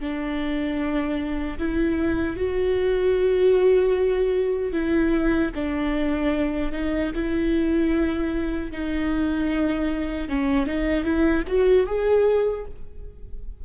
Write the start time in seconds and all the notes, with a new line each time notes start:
0.00 D4
1.58 E4
2.36 F#4
4.72 E4
5.55 D4
6.72 D#4
7.14 E4
8.71 D#4
10.28 C#4
10.67 D#4
11.04 E4
11.47 F#4
11.86 G#4